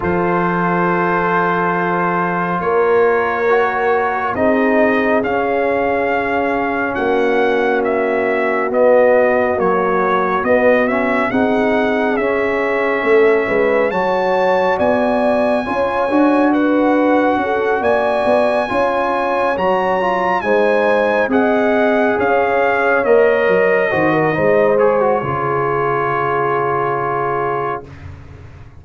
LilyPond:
<<
  \new Staff \with { instrumentName = "trumpet" } { \time 4/4 \tempo 4 = 69 c''2. cis''4~ | cis''4 dis''4 f''2 | fis''4 e''4 dis''4 cis''4 | dis''8 e''8 fis''4 e''2 |
a''4 gis''2 fis''4~ | fis''8 gis''2 ais''4 gis''8~ | gis''8 fis''4 f''4 dis''4.~ | dis''8 cis''2.~ cis''8 | }
  \new Staff \with { instrumentName = "horn" } { \time 4/4 a'2. ais'4~ | ais'4 gis'2. | fis'1~ | fis'4 gis'2 a'8 b'8 |
cis''4 d''4 cis''4 b'4 | a'8 d''4 cis''2 c''8~ | c''8 dis''4 cis''2 c''16 ais'16 | c''4 gis'2. | }
  \new Staff \with { instrumentName = "trombone" } { \time 4/4 f'1 | fis'4 dis'4 cis'2~ | cis'2 b4 fis4 | b8 cis'8 dis'4 cis'2 |
fis'2 f'8 fis'4.~ | fis'4. f'4 fis'8 f'8 dis'8~ | dis'8 gis'2 ais'4 fis'8 | dis'8 gis'16 fis'16 f'2. | }
  \new Staff \with { instrumentName = "tuba" } { \time 4/4 f2. ais4~ | ais4 c'4 cis'2 | ais2 b4 ais4 | b4 c'4 cis'4 a8 gis8 |
fis4 b4 cis'8 d'4. | cis'8 ais8 b8 cis'4 fis4 gis8~ | gis8 c'4 cis'4 ais8 fis8 dis8 | gis4 cis2. | }
>>